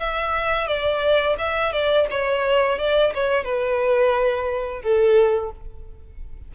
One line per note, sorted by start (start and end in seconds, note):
0.00 0.67 E5
0.67 1.36 D5
1.39 1.73 E5
1.73 2.07 D5
2.11 2.79 C#5
2.79 3.13 D5
3.14 3.44 C#5
3.44 4.82 B4
4.82 5.51 A4